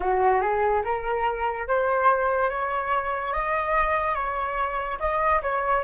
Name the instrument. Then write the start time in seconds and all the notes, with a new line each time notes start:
flute
0.00 F#4
0.41 G#4
0.84 A#4
1.67 C5
2.49 C#5
3.33 D#5
4.14 C#5
4.99 D#5
5.42 C#5